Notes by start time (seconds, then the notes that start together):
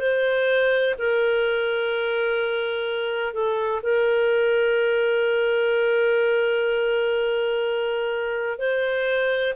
0.00 C5
0.99 A#4
3.34 A4
3.83 A#4
8.59 C5